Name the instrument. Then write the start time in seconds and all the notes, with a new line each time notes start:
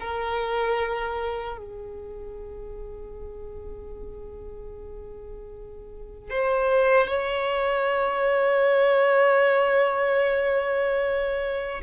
violin
0.00 A#4
1.58 G#4
6.30 C5
7.08 C#5